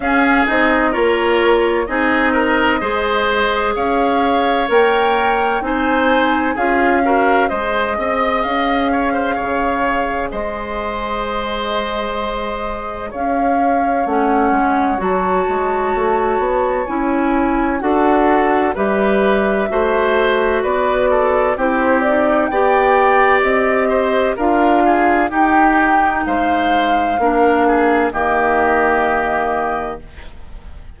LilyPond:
<<
  \new Staff \with { instrumentName = "flute" } { \time 4/4 \tempo 4 = 64 f''8 dis''8 cis''4 dis''2 | f''4 g''4 gis''4 f''4 | dis''4 f''2 dis''4~ | dis''2 f''4 fis''4 |
a''2 gis''4 fis''4 | e''2 d''4 c''8 d''8 | g''4 dis''4 f''4 g''4 | f''2 dis''2 | }
  \new Staff \with { instrumentName = "oboe" } { \time 4/4 gis'4 ais'4 gis'8 ais'8 c''4 | cis''2 c''4 gis'8 ais'8 | c''8 dis''4 cis''16 c''16 cis''4 c''4~ | c''2 cis''2~ |
cis''2. a'4 | b'4 c''4 b'8 a'8 g'4 | d''4. c''8 ais'8 gis'8 g'4 | c''4 ais'8 gis'8 g'2 | }
  \new Staff \with { instrumentName = "clarinet" } { \time 4/4 cis'8 dis'8 f'4 dis'4 gis'4~ | gis'4 ais'4 dis'4 f'8 fis'8 | gis'1~ | gis'2. cis'4 |
fis'2 e'4 fis'4 | g'4 fis'2 e'8 dis'8 | g'2 f'4 dis'4~ | dis'4 d'4 ais2 | }
  \new Staff \with { instrumentName = "bassoon" } { \time 4/4 cis'8 c'8 ais4 c'4 gis4 | cis'4 ais4 c'4 cis'4 | gis8 c'8 cis'4 cis4 gis4~ | gis2 cis'4 a8 gis8 |
fis8 gis8 a8 b8 cis'4 d'4 | g4 a4 b4 c'4 | b4 c'4 d'4 dis'4 | gis4 ais4 dis2 | }
>>